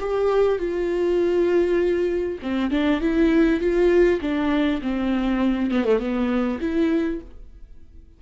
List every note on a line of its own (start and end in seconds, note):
0.00 0.59 G4
0.59 2.39 F4
2.42 2.71 C4
2.71 3.01 D4
3.01 3.61 E4
3.61 4.21 F4
4.21 4.81 D4
4.82 5.71 C4
5.71 5.84 B3
5.84 5.99 A3
5.99 6.59 B3
6.60 7.20 E4